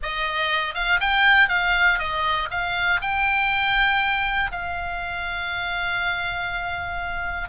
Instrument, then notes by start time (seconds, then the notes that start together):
oboe
0.02 D#5
0.74 F5
1.00 G5
1.49 F5
1.98 D#5
2.50 F5
3.01 G5
4.51 F5